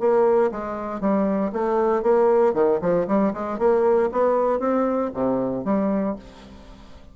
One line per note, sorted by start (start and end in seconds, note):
0.00 0.51 A#3
0.52 1.01 G#3
1.01 1.52 G3
1.53 2.03 A3
2.03 2.54 A#3
2.54 2.79 D#3
2.82 3.07 F3
3.08 3.33 G3
3.34 3.59 G#3
3.59 4.10 A#3
4.12 4.60 B3
4.60 5.11 C4
5.14 5.65 C3
5.65 6.16 G3